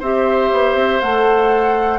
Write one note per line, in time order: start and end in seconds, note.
0.00 0.52 C4
0.00 1.03 G4
0.00 2.00 C5
0.00 1.01 E5
0.53 0.75 B3
0.75 1.00 C4
1.01 2.00 A3
1.01 2.00 A4
1.01 2.00 F#5